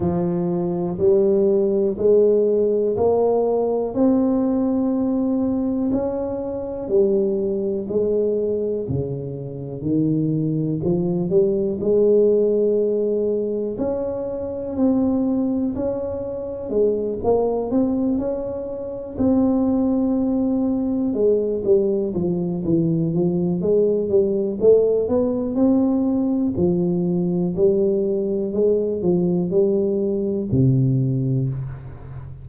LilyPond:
\new Staff \with { instrumentName = "tuba" } { \time 4/4 \tempo 4 = 61 f4 g4 gis4 ais4 | c'2 cis'4 g4 | gis4 cis4 dis4 f8 g8 | gis2 cis'4 c'4 |
cis'4 gis8 ais8 c'8 cis'4 c'8~ | c'4. gis8 g8 f8 e8 f8 | gis8 g8 a8 b8 c'4 f4 | g4 gis8 f8 g4 c4 | }